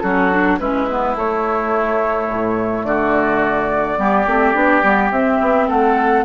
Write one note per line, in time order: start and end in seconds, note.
0.00 0.60 F#3
0.00 0.32 C#4
0.00 0.60 F#4
0.00 0.57 A4
0.32 0.60 D4
0.60 1.16 G#3
0.60 0.89 C#4
0.60 2.87 E4
0.60 1.16 B4
0.90 1.16 B3
1.16 2.29 A3
1.16 3.98 A3
1.16 2.85 C#5
2.29 2.84 A2
2.84 3.98 D3
2.84 3.99 F#4
2.84 5.11 D5
3.98 4.27 G3
3.98 4.26 B3
3.98 5.68 G4
4.27 4.55 A3
4.27 4.54 C4
4.54 4.83 B3
4.54 4.82 D4
4.83 5.11 G3
4.83 5.12 B3
5.11 5.39 C4
5.11 6.25 C4
5.11 5.69 E5
5.41 5.69 B3
5.68 6.25 A3
5.68 6.25 A4
5.68 6.25 F#5